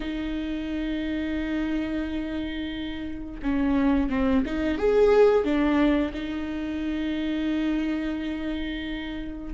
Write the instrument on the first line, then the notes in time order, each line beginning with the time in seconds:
viola
0.00 D#4
3.42 C#4
4.09 C4
4.45 D#4
4.77 G#4
5.44 D4
6.13 D#4